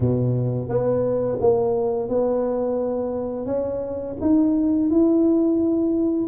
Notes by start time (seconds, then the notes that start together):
0.00 B2
0.68 B3
1.40 A#3
2.08 B3
3.46 C#4
4.20 D#4
4.90 E4